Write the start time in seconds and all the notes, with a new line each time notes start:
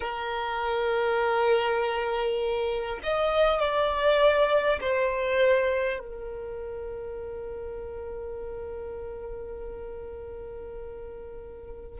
0.00 A#4
3.03 D#5
3.59 D5
4.81 C5
5.99 A#4